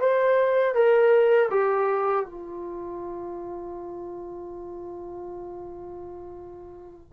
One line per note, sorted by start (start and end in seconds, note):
0.00 0.74 C5
0.74 1.49 A#4
1.50 2.25 G4
2.25 7.12 F4